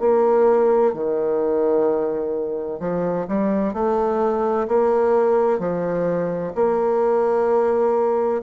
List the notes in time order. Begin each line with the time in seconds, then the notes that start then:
0.00 A#3
0.93 D#3
2.80 F3
3.28 G3
3.74 A3
4.68 A#3
5.59 F3
6.55 A#3